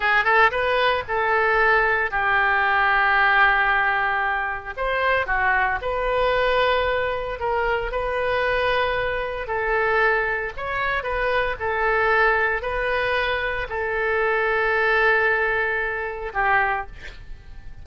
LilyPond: \new Staff \with { instrumentName = "oboe" } { \time 4/4 \tempo 4 = 114 gis'8 a'8 b'4 a'2 | g'1~ | g'4 c''4 fis'4 b'4~ | b'2 ais'4 b'4~ |
b'2 a'2 | cis''4 b'4 a'2 | b'2 a'2~ | a'2. g'4 | }